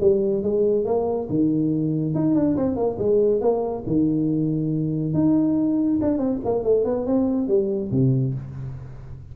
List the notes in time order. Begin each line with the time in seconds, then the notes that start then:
0.00 G3
0.43 G#3
0.85 A#3
1.29 D#3
2.14 D#4
2.35 D4
2.57 C4
2.76 A#3
2.98 G#3
3.41 A#3
3.86 D#3
5.14 D#4
6.01 D4
6.18 C4
6.44 A#3
6.64 A3
6.85 B3
7.06 C4
7.48 G3
7.91 C3